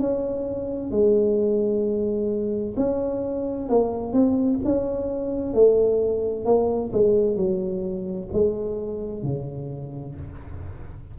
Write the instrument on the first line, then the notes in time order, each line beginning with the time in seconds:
tuba
0.00 C#4
0.91 G#3
2.77 C#4
3.69 A#3
4.13 C4
4.64 C#4
5.54 A3
6.45 A#3
6.93 G#3
7.36 F#3
8.33 G#3
9.23 C#3